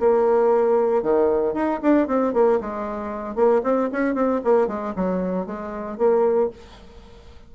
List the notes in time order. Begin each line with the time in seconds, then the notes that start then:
0.00 A#3
1.02 D#3
1.54 D#4
1.82 D4
2.08 C4
2.34 A#3
2.61 G#3
3.35 A#3
3.63 C4
3.92 C#4
4.15 C4
4.44 A#3
4.68 G#3
4.96 F#3
5.46 G#3
5.98 A#3